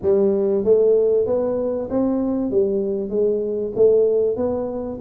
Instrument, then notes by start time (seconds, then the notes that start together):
tuba
0.02 G3
0.64 A3
1.26 B3
1.89 C4
2.50 G3
3.09 G#3
3.75 A3
4.36 B3